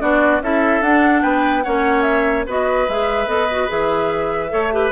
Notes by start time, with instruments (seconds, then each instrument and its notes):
0.00 bassoon B3, clarinet D4, oboe F#4, flute D5
0.40 bassoon C#4, clarinet E4, oboe A4, flute E5
0.81 bassoon D4, clarinet D4, flute F#5
1.22 bassoon B3, oboe B4, flute G5
1.63 bassoon A#3, clarinet C#4, oboe C#5, flute F#5
2.02 flute E5
2.46 bassoon B3, clarinet F#4, oboe B4, flute D#5
2.88 bassoon G#3, clarinet G#4, flute E5
3.26 bassoon B3, clarinet A4, flute D#5
3.51 clarinet F#4
3.68 bassoon E3, clarinet G#4, flute E5
4.49 bassoon A3, clarinet A4, oboe C#5
4.72 clarinet G4, oboe B4